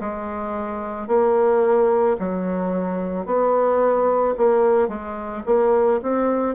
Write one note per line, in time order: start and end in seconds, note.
0.00 1.07 G#3
1.07 2.16 A#3
2.19 3.25 F#3
3.25 4.34 B3
4.37 4.88 A#3
4.88 5.42 G#3
5.45 6.00 A#3
6.02 6.55 C4